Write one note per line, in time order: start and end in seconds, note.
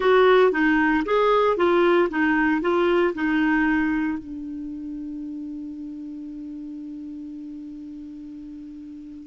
0.00 0.51 F#4
0.51 1.03 D#4
1.05 1.57 G#4
1.57 2.09 F4
2.10 2.61 D#4
2.61 3.13 F4
3.14 4.18 D#4
4.18 9.26 D4